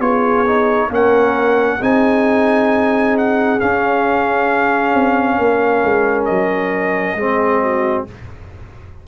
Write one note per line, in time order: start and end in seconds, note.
0.00 0.90 B3
0.00 0.45 F4
0.00 0.87 G#4
0.00 0.90 C#5
0.46 0.91 D#4
0.87 1.79 A#3
0.87 1.80 C#4
0.87 1.77 A#4
0.94 1.83 F#5
1.80 3.60 C4
1.80 3.59 D#4
1.80 5.38 G#4
1.80 3.17 G#5
3.17 3.60 F#5
3.59 7.18 C#4
3.59 4.94 C#4
3.59 6.25 F5
4.94 5.38 C4
5.38 5.83 A#3
5.38 7.18 A#4
5.84 6.29 G#3
6.25 7.15 F#3
6.25 8.04 D#5
7.15 8.04 G#3
7.15 8.07 C4
7.15 7.62 G#4
7.62 8.06 F#4